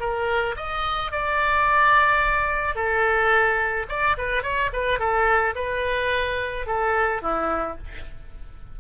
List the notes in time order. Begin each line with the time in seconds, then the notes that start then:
0.00 A#4
0.57 D#5
1.12 D5
2.76 A4
3.89 D5
4.18 B4
4.43 C#5
4.73 B4
4.99 A4
5.56 B4
6.67 A4
7.22 E4